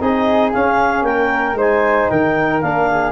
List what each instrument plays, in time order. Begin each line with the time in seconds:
0.00 tuba C4, trombone D#4, flute G#4, clarinet D#5
0.53 trombone C#4, tuba C#4, clarinet F5
1.03 tuba A#3, flute A#4, clarinet G5
1.54 tuba G#3, trombone D#4, flute C5
1.61 clarinet G#5
2.10 tuba D#3, flute A#4, clarinet G5
2.61 tuba A#3, trombone D4, clarinet F5
2.91 flute G#4